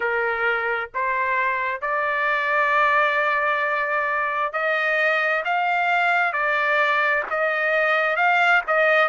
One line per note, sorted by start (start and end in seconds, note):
0.00 0.90 A#4
0.94 1.81 C5
1.81 4.52 D5
4.52 5.43 D#5
5.45 6.32 F5
6.32 7.23 D5
7.30 8.16 D#5
8.16 8.61 F5
8.67 9.08 D#5